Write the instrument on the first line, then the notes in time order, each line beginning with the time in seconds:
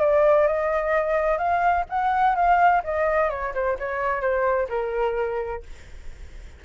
flute
0.00 D5
0.47 D#5
1.38 F5
1.90 F#5
2.35 F5
2.84 D#5
3.30 C#5
3.54 C5
3.79 C#5
4.21 C5
4.69 A#4